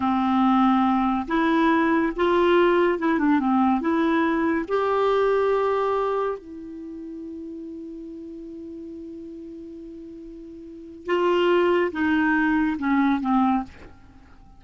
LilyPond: \new Staff \with { instrumentName = "clarinet" } { \time 4/4 \tempo 4 = 141 c'2. e'4~ | e'4 f'2 e'8 d'8 | c'4 e'2 g'4~ | g'2. e'4~ |
e'1~ | e'1~ | e'2 f'2 | dis'2 cis'4 c'4 | }